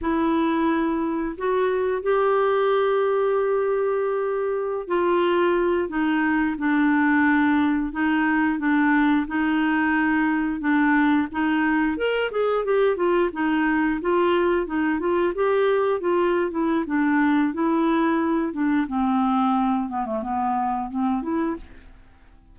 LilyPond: \new Staff \with { instrumentName = "clarinet" } { \time 4/4 \tempo 4 = 89 e'2 fis'4 g'4~ | g'2.~ g'16 f'8.~ | f'8. dis'4 d'2 dis'16~ | dis'8. d'4 dis'2 d'16~ |
d'8. dis'4 ais'8 gis'8 g'8 f'8 dis'16~ | dis'8. f'4 dis'8 f'8 g'4 f'16~ | f'8 e'8 d'4 e'4. d'8 | c'4. b16 a16 b4 c'8 e'8 | }